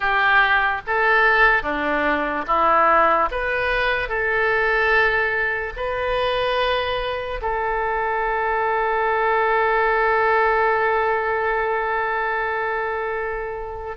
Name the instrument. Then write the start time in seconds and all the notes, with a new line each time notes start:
oboe
0.00 G4
0.86 A4
1.63 D4
2.47 E4
3.31 B4
4.08 A4
5.76 B4
7.41 A4